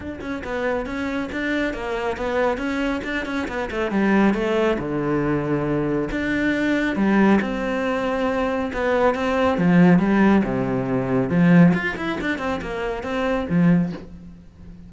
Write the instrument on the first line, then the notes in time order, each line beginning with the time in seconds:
cello
0.00 D4
0.21 C#4
0.44 B3
0.85 C#4
1.32 D4
1.73 A#3
2.17 B3
2.57 C#4
3.03 D4
3.25 C#4
3.47 B3
3.71 A3
3.91 G3
4.34 A3
4.78 D3
6.11 D4
6.96 G3
7.41 C4
8.73 B3
9.14 C4
9.58 F3
9.98 G3
10.44 C3
11.29 F3
11.74 F4
11.96 E4
12.21 D4
12.38 C4
12.61 A#3
13.03 C4
13.49 F3